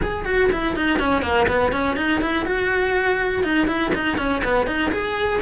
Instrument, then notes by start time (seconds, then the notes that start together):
cello
0.02 G#4
0.25 F#4
0.52 E4
0.76 D#4
0.99 C#4
1.22 A#3
1.47 B3
1.71 C#4
1.96 D#4
2.21 E4
2.45 F#4
3.43 D#4
3.67 E4
3.95 D#4
4.17 C#4
4.44 B3
4.66 D#4
4.91 G#4